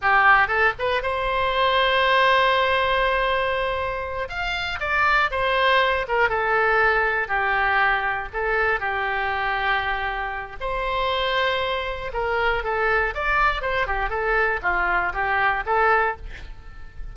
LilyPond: \new Staff \with { instrumentName = "oboe" } { \time 4/4 \tempo 4 = 119 g'4 a'8 b'8 c''2~ | c''1~ | c''8 f''4 d''4 c''4. | ais'8 a'2 g'4.~ |
g'8 a'4 g'2~ g'8~ | g'4 c''2. | ais'4 a'4 d''4 c''8 g'8 | a'4 f'4 g'4 a'4 | }